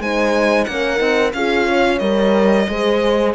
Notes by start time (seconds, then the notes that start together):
0.00 G#3 D#4 C5 G#5
0.65 A#3 C#4 A#4 F#5
0.97 C4 D#4
1.33 C#4 F4 G#4 F5
1.69 C#5
1.99 G3 A#4 D#5
2.68 G#3 G#4 C5